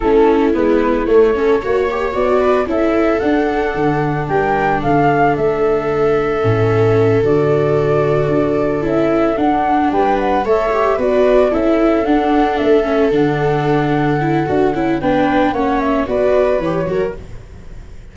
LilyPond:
<<
  \new Staff \with { instrumentName = "flute" } { \time 4/4 \tempo 4 = 112 a'4 b'4 cis''2 | d''4 e''4 fis''2 | g''4 f''4 e''2~ | e''4. d''2~ d''8~ |
d''8 e''4 fis''4 g''8 fis''8 e''8~ | e''8 d''4 e''4 fis''4 e''8~ | e''8 fis''2.~ fis''8 | g''4 fis''8 e''8 d''4 cis''4 | }
  \new Staff \with { instrumentName = "viola" } { \time 4/4 e'2~ e'8 a'8 cis''4~ | cis''8 b'8 a'2. | ais'4 a'2.~ | a'1~ |
a'2~ a'8 b'4 cis''8~ | cis''8 b'4 a'2~ a'8~ | a'1 | b'4 cis''4 b'4. ais'8 | }
  \new Staff \with { instrumentName = "viola" } { \time 4/4 cis'4 b4 a8 cis'8 fis'8 g'8 | fis'4 e'4 d'2~ | d'1 | cis'4. fis'2~ fis'8~ |
fis'8 e'4 d'2 a'8 | g'8 fis'4 e'4 d'4. | cis'8 d'2 e'8 fis'8 e'8 | d'4 cis'4 fis'4 g'8 fis'8 | }
  \new Staff \with { instrumentName = "tuba" } { \time 4/4 a4 gis4 a4 ais4 | b4 cis'4 d'4 d4 | g4 d4 a2 | a,4. d2 d'8~ |
d'8 cis'4 d'4 g4 a8~ | a8 b4 cis'4 d'4 a8~ | a8 d2~ d8 d'8 cis'8 | b4 ais4 b4 e8 fis8 | }
>>